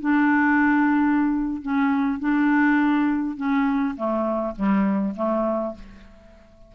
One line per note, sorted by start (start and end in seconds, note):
0.00 1.62 D4
1.62 2.19 C#4
2.19 3.36 D4
3.36 3.95 C#4
3.96 4.55 A3
4.56 5.14 G3
5.16 5.74 A3